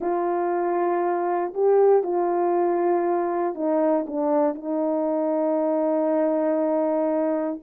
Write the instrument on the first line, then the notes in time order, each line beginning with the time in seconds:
horn
0.00 F4
1.54 G4
2.03 F4
3.55 D#4
4.07 D4
4.54 D#4